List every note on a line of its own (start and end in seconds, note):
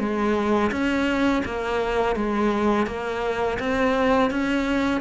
0.00 0.71 G#3
0.72 1.44 C#4
1.45 2.16 A#3
2.16 2.87 G#3
2.87 3.59 A#3
3.60 4.31 C4
4.31 5.02 C#4